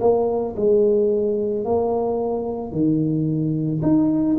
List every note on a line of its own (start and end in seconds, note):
0.00 0.55 A#3
0.56 1.64 G#3
1.64 2.72 A#3
2.72 3.81 D#3
3.82 4.36 D#4